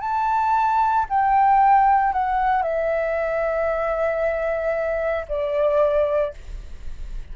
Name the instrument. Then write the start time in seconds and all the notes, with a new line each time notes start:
flute
0.00 A5
1.09 G5
2.12 F#5
2.62 E5
5.28 D5